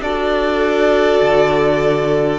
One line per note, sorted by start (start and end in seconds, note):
0.00 1.20 D4
0.00 2.39 F#4
0.00 2.39 A4
0.00 2.39 D5
1.22 2.39 D3